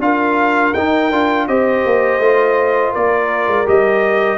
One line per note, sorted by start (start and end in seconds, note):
0.00 0.73 D4
0.00 0.74 F4
0.00 1.48 A#4
0.00 0.74 F5
0.74 1.11 D#4
0.74 1.12 D#4
0.74 1.47 G5
1.11 1.48 D4
1.11 1.48 F4
1.48 1.85 C4
1.48 2.22 G4
1.48 2.93 C5
1.48 2.94 D#5
1.86 2.19 A#3
2.19 2.93 A3
2.19 3.66 F4
2.93 3.48 A#3
2.93 4.39 A#4
2.93 3.68 D5
3.48 3.66 G#3
3.66 4.39 G3
3.66 4.39 G4
3.66 4.39 D#5